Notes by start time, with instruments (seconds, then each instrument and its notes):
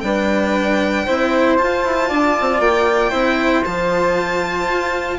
0.00 bassoon G3, cello D4, flute B4, violin G5
1.05 bassoon C4, cello E4, flute C5
1.58 cello F4, bassoon F4, violin A5
1.83 bassoon E4
2.08 bassoon D4, flute D5
2.40 bassoon C4
2.59 bassoon A#3, violin G5
3.10 bassoon C4, cello E4, flute C5
3.64 bassoon F3, cello F4, violin A5
4.69 bassoon F4